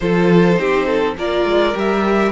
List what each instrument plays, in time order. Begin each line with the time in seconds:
0.00 cello F3, viola F4, violin A4 C5
0.55 cello C4, viola D#4, violin G4
0.85 violin A4
1.17 cello A#3, viola F4, violin A#4 D5
1.45 cello G#3
1.73 cello G3, viola G4, violin E5